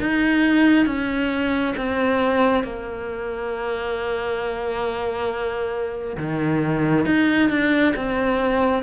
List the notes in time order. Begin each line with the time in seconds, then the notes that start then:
0.00 D#4
0.86 C#4
1.76 C4
2.64 A#3
6.17 D#3
7.05 D#4
7.50 D4
7.96 C4